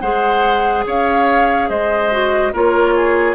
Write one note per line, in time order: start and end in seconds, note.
0.00 0.85 G#3
0.00 2.10 G#4
0.00 0.85 C5
0.00 0.83 F#5
0.86 1.69 C#4
0.86 1.69 C#5
0.86 1.69 F5
1.69 2.53 G#3
1.69 2.53 C5
1.69 2.53 D#5
2.11 2.53 F#4
2.53 3.35 A#3
2.53 3.35 F4
2.53 2.94 A#4
2.53 3.35 C#5
2.95 3.35 G#4